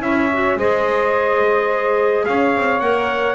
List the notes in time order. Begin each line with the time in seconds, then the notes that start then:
0.00 C#4 E4 C#5 E5
0.33 F#4
0.56 G#3 G#4 C5 D#5
2.25 C#4 C#5 F5
2.56 C4
2.80 A#3 A#4 F#5